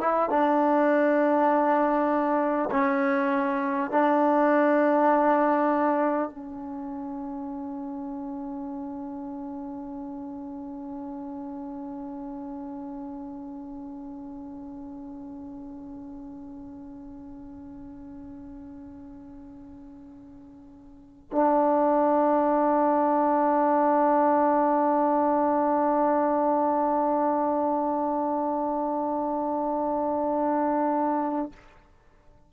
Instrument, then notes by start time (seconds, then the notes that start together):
trombone
0.00 E4
0.29 D4
2.70 C#4
3.90 D4
6.29 C#4
21.32 D4